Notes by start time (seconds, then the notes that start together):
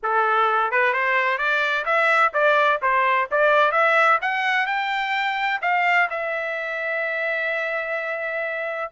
0.02 A4
0.71 B4
0.93 C5
1.38 D5
1.85 E5
2.33 D5
2.81 C5
3.31 D5
3.71 E5
4.21 F#5
4.66 G5
5.61 F5
6.09 E5